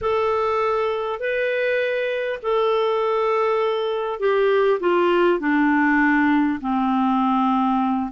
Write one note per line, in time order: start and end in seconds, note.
0.01 1.19 A4
1.19 2.39 B4
2.42 4.19 A4
4.19 4.79 G4
4.79 5.39 F4
5.39 6.59 D4
6.61 8.11 C4